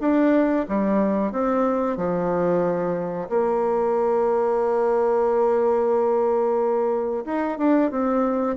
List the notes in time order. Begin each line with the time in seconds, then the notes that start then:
0.00 D4
0.68 G3
1.32 C4
1.97 F3
3.29 A#3
7.25 D#4
7.58 D4
7.91 C4